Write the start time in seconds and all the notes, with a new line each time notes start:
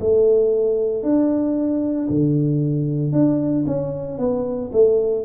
0.00 A3
1.03 D4
2.10 D3
3.12 D4
3.67 C#4
4.18 B3
4.73 A3